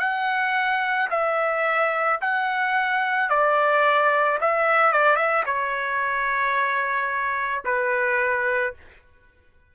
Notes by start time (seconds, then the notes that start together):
0.00 F#5
1.11 E5
2.22 F#5
3.30 D5
4.41 E5
4.93 D5
5.17 E5
5.46 C#5
7.65 B4